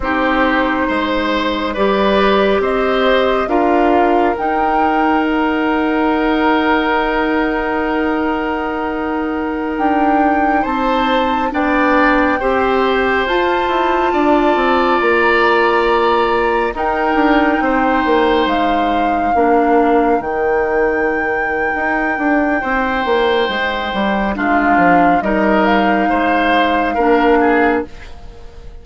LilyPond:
<<
  \new Staff \with { instrumentName = "flute" } { \time 4/4 \tempo 4 = 69 c''2 d''4 dis''4 | f''4 g''4 fis''2~ | fis''2.~ fis''16 g''8.~ | g''16 a''4 g''2 a''8.~ |
a''4~ a''16 ais''2 g''8.~ | g''4~ g''16 f''2 g''8.~ | g''1 | f''4 dis''8 f''2~ f''8 | }
  \new Staff \with { instrumentName = "oboe" } { \time 4/4 g'4 c''4 b'4 c''4 | ais'1~ | ais'1~ | ais'16 c''4 d''4 c''4.~ c''16~ |
c''16 d''2. ais'8.~ | ais'16 c''2 ais'4.~ ais'16~ | ais'2 c''2 | f'4 ais'4 c''4 ais'8 gis'8 | }
  \new Staff \with { instrumentName = "clarinet" } { \time 4/4 dis'2 g'2 | f'4 dis'2.~ | dis'1~ | dis'4~ dis'16 d'4 g'4 f'8.~ |
f'2.~ f'16 dis'8.~ | dis'2~ dis'16 d'4 dis'8.~ | dis'1 | d'4 dis'2 d'4 | }
  \new Staff \with { instrumentName = "bassoon" } { \time 4/4 c'4 gis4 g4 c'4 | d'4 dis'2.~ | dis'2.~ dis'16 d'8.~ | d'16 c'4 b4 c'4 f'8 e'16~ |
e'16 d'8 c'8 ais2 dis'8 d'16~ | d'16 c'8 ais8 gis4 ais4 dis8.~ | dis4 dis'8 d'8 c'8 ais8 gis8 g8 | gis8 f8 g4 gis4 ais4 | }
>>